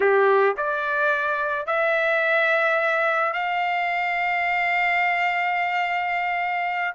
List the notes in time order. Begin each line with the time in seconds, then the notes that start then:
0.00 G4
0.56 D5
1.66 E5
3.33 F5